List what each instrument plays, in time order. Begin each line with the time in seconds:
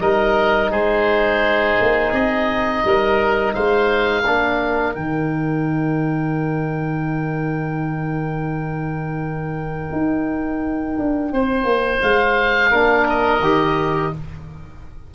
0.00 tuba G3, trombone D#4, oboe A#4 D#5
0.71 tuba G#3, oboe G#4 C5
1.80 tuba A#3
2.13 tuba C4, oboe D#5
2.84 tuba G3, oboe A#4
3.54 tuba G#3, oboe C5 F5
4.22 tuba A#3, trombone D4, oboe A#4
4.94 tuba D#3, trombone D#4, oboe G5
9.92 tuba D#4
10.99 tuba D4
11.32 tuba C4, oboe C5
11.64 tuba A#3
12.02 tuba G#3, oboe F5
12.71 tuba A#3, trombone D4, oboe A#4
13.09 oboe D#5
13.40 tuba D#3, trombone G4